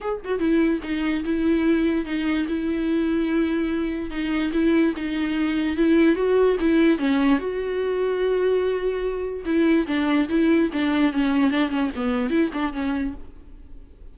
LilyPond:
\new Staff \with { instrumentName = "viola" } { \time 4/4 \tempo 4 = 146 gis'8 fis'8 e'4 dis'4 e'4~ | e'4 dis'4 e'2~ | e'2 dis'4 e'4 | dis'2 e'4 fis'4 |
e'4 cis'4 fis'2~ | fis'2. e'4 | d'4 e'4 d'4 cis'4 | d'8 cis'8 b4 e'8 d'8 cis'4 | }